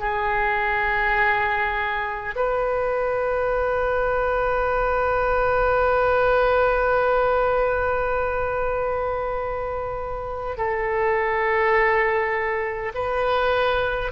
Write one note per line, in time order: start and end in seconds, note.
0.00 2.35 G#4
2.36 10.58 B4
10.58 12.93 A4
12.95 14.12 B4